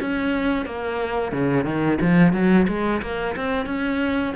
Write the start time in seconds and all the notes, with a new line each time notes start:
0.00 C#4
0.66 A#3
1.32 C#3
1.64 D#3
2.01 F3
2.33 F#3
2.68 G#3
3.02 A#3
3.36 C4
3.66 C#4